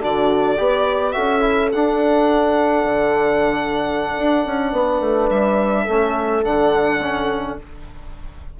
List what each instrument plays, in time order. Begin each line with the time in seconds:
0.00 bassoon D3, trombone D4, horn F#4, violin D5
0.57 bassoon B3, trombone G4, horn B4
1.12 bassoon C#4, trombone F#4, horn A4, violin E5
1.40 trombone E4
1.72 bassoon D4, trombone D4, violin F#5
2.84 bassoon D3
4.18 bassoon D4
4.45 bassoon C#4
4.72 bassoon B3, horn B4
5.00 bassoon A3
5.30 bassoon G3, violin E5
5.84 bassoon A3, trombone C#4, horn A4
6.43 bassoon D3, trombone D4, violin F#5
7.02 trombone C#4